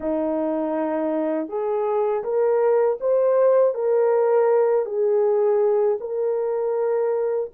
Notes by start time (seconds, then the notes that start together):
0.00 D#4
1.48 G#4
2.23 A#4
3.00 C5
3.74 A#4
4.85 G#4
6.00 A#4